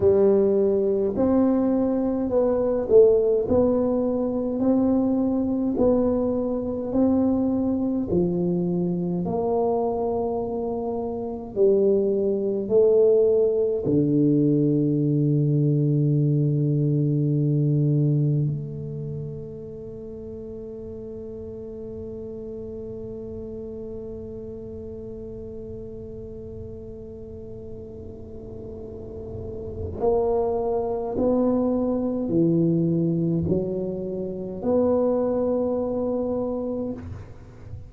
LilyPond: \new Staff \with { instrumentName = "tuba" } { \time 4/4 \tempo 4 = 52 g4 c'4 b8 a8 b4 | c'4 b4 c'4 f4 | ais2 g4 a4 | d1 |
a1~ | a1~ | a2 ais4 b4 | e4 fis4 b2 | }